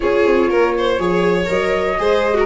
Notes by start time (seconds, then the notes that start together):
0.00 C#4 F4 G#4 C#5
0.26 C4
0.49 A#3 A#4
0.78 C5
0.99 F3 G#4 C#5
1.45 F#3 A#4 D#5
1.98 G#3 G#4 C5
2.33 F#4 A#4